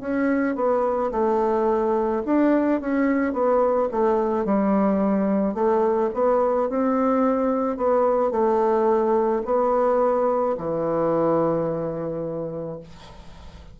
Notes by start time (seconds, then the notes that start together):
0.00 C#4
0.55 B3
1.11 A3
2.25 D4
2.80 C#4
3.33 B3
3.91 A3
4.45 G3
5.54 A3
6.14 B3
6.69 C4
7.77 B3
8.31 A3
9.45 B3
10.58 E3